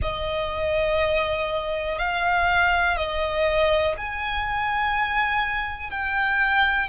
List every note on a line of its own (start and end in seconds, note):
0.01 1.98 D#5
1.98 2.96 F5
2.96 3.95 D#5
3.97 5.90 G#5
5.90 6.88 G5